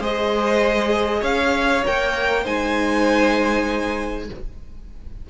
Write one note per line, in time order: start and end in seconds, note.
0.00 1.22 G#3
0.00 1.84 G#4
0.00 1.21 C5
0.00 1.23 D#5
1.21 1.84 C#4
1.21 2.43 C#5
1.21 1.85 F5
1.85 2.46 A#3
1.85 2.44 A#4
1.85 2.46 G5
2.43 4.30 G#3
2.43 4.28 D#4
2.43 4.27 C5
2.43 4.30 G#5